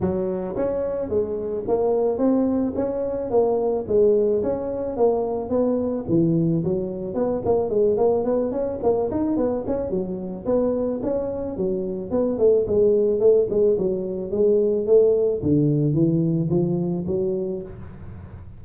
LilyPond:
\new Staff \with { instrumentName = "tuba" } { \time 4/4 \tempo 4 = 109 fis4 cis'4 gis4 ais4 | c'4 cis'4 ais4 gis4 | cis'4 ais4 b4 e4 | fis4 b8 ais8 gis8 ais8 b8 cis'8 |
ais8 dis'8 b8 cis'8 fis4 b4 | cis'4 fis4 b8 a8 gis4 | a8 gis8 fis4 gis4 a4 | d4 e4 f4 fis4 | }